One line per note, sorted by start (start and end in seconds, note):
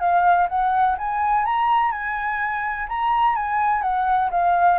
0.00 0.48 F5
0.49 0.97 F#5
0.98 1.46 G#5
1.46 1.92 A#5
1.92 2.88 G#5
2.89 3.36 A#5
3.36 3.83 G#5
3.83 4.31 F#5
4.31 4.79 F5